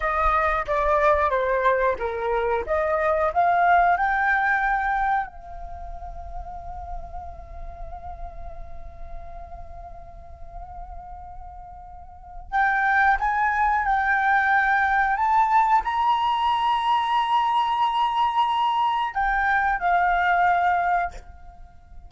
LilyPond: \new Staff \with { instrumentName = "flute" } { \time 4/4 \tempo 4 = 91 dis''4 d''4 c''4 ais'4 | dis''4 f''4 g''2 | f''1~ | f''1~ |
f''2. g''4 | gis''4 g''2 a''4 | ais''1~ | ais''4 g''4 f''2 | }